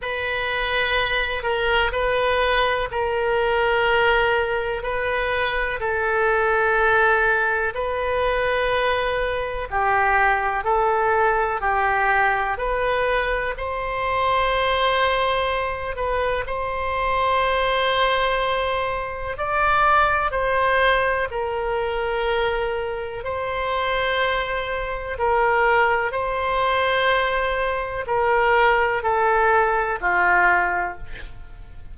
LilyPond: \new Staff \with { instrumentName = "oboe" } { \time 4/4 \tempo 4 = 62 b'4. ais'8 b'4 ais'4~ | ais'4 b'4 a'2 | b'2 g'4 a'4 | g'4 b'4 c''2~ |
c''8 b'8 c''2. | d''4 c''4 ais'2 | c''2 ais'4 c''4~ | c''4 ais'4 a'4 f'4 | }